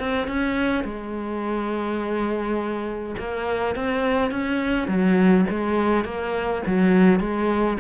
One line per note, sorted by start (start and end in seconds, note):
0.00 0.28 C4
0.28 0.85 C#4
0.85 3.16 G#3
3.19 3.76 A#3
3.76 4.31 C4
4.31 4.88 C#4
4.88 5.46 F#3
5.50 6.05 G#3
6.05 6.63 A#3
6.67 7.20 F#3
7.20 7.78 G#3